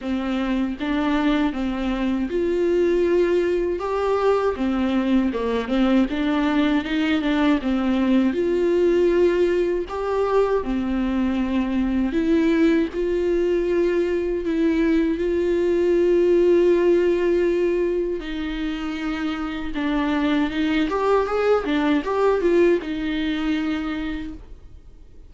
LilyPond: \new Staff \with { instrumentName = "viola" } { \time 4/4 \tempo 4 = 79 c'4 d'4 c'4 f'4~ | f'4 g'4 c'4 ais8 c'8 | d'4 dis'8 d'8 c'4 f'4~ | f'4 g'4 c'2 |
e'4 f'2 e'4 | f'1 | dis'2 d'4 dis'8 g'8 | gis'8 d'8 g'8 f'8 dis'2 | }